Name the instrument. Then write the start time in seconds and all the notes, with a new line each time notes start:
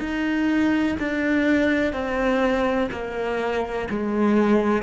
cello
0.00 D#4
1.00 D4
1.94 C4
2.92 A#3
3.91 G#3